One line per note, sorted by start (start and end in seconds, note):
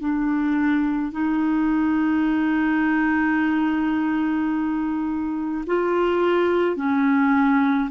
0.00 1.12 D4
1.12 5.64 D#4
5.67 6.76 F4
6.76 7.89 C#4